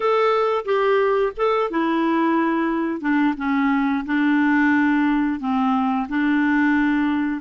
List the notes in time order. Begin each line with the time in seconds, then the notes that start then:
0.00 A4
0.65 G4
1.37 A4
1.70 E4
3.00 D4
3.37 C#4
4.05 D4
5.39 C4
6.08 D4